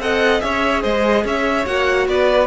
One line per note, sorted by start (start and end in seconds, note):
0.00 0.41 C4
0.00 0.41 A4
0.00 0.44 D#5
0.00 0.41 F#5
0.41 0.84 C#4
0.41 1.65 G#4
0.41 0.82 C#5
0.41 0.82 E5
0.82 1.25 G#3
0.82 1.24 C5
0.82 1.25 D#5
1.25 1.66 C#4
1.25 2.08 C#5
1.25 1.66 E5
1.66 2.08 A#3
1.66 2.47 F#4
1.66 2.08 F#5
2.08 2.47 B3
2.08 2.47 B4
2.08 2.47 D5